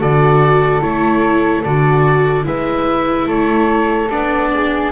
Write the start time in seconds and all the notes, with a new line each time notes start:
0.00 D3 F#4 A4 D5
0.81 A3 E4 C#5
1.64 D3 F#4 D5
2.43 G#3 E4 B4 E5
3.27 A3 A4 C#5
4.10 B3 D4 D5
4.54 G#4